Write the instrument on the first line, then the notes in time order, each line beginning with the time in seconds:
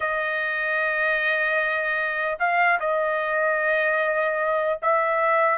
trumpet
0.00 D#5
2.39 F5
2.80 D#5
4.81 E5